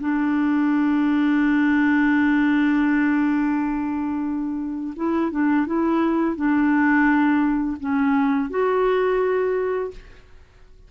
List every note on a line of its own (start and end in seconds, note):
0.00 4.94 D4
4.96 5.31 E4
5.31 5.66 D4
5.66 6.36 E4
6.36 7.77 D4
7.80 8.50 C#4
8.50 9.91 F#4